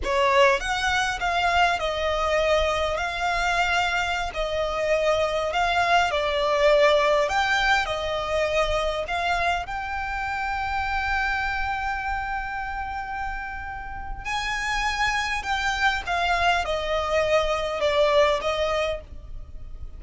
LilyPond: \new Staff \with { instrumentName = "violin" } { \time 4/4 \tempo 4 = 101 cis''4 fis''4 f''4 dis''4~ | dis''4 f''2~ f''16 dis''8.~ | dis''4~ dis''16 f''4 d''4.~ d''16~ | d''16 g''4 dis''2 f''8.~ |
f''16 g''2.~ g''8.~ | g''1 | gis''2 g''4 f''4 | dis''2 d''4 dis''4 | }